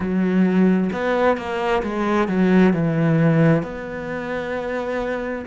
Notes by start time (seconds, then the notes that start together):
0.00 F#3
0.92 B3
1.37 A#3
1.82 G#3
2.28 F#3
2.73 E3
3.62 B3